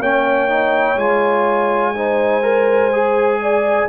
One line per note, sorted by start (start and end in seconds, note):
0.00 0.96 A#3
0.00 0.49 C#4
0.00 1.94 C#5
0.00 0.99 G5
0.49 0.98 D#4
0.96 3.86 G#3
0.96 1.95 F4
0.96 3.89 G#5
1.95 2.43 D#4
1.95 3.42 C5
2.43 2.91 A#4
2.93 3.89 G#4
3.42 3.89 D5